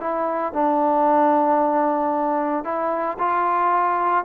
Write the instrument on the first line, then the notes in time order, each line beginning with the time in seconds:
trombone
0.00 E4
0.53 D4
2.64 E4
3.19 F4